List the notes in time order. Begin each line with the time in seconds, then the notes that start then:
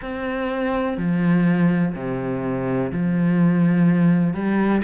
0.01 C4
0.97 F3
1.94 C3
2.92 F3
4.33 G3